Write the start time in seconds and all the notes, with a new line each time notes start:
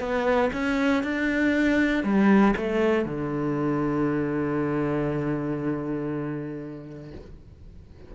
0.00 B3
0.53 C#4
1.04 D4
2.04 G3
2.57 A3
3.05 D3